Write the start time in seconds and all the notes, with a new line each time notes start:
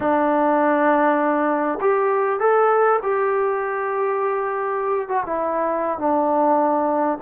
0.00 D4
1.80 G4
2.39 A4
3.02 G4
5.08 F#4
5.26 E4
5.98 D4